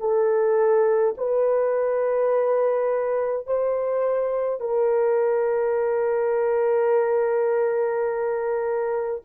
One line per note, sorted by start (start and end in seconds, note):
0.00 1.15 A4
1.18 3.47 B4
3.47 4.60 C5
4.60 9.22 A#4